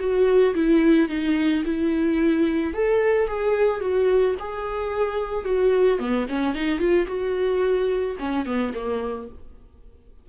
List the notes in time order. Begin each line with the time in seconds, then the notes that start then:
0.00 F#4
0.55 E4
1.09 D#4
1.65 E4
2.74 A4
3.28 G#4
3.81 F#4
4.40 G#4
5.45 F#4
5.99 B3
6.29 C#4
6.55 D#4
6.79 F4
7.08 F#4
8.20 C#4
8.46 B3
8.75 A#3